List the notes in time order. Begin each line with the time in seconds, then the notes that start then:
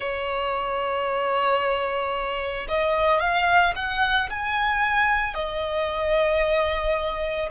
0.00 C#5
2.68 D#5
3.19 F5
3.75 F#5
4.30 G#5
5.34 D#5